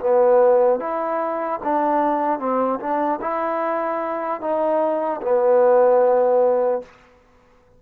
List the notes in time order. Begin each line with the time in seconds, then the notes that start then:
0.00 B3
0.80 E4
1.64 D4
2.39 C4
2.80 D4
3.21 E4
4.41 D#4
5.22 B3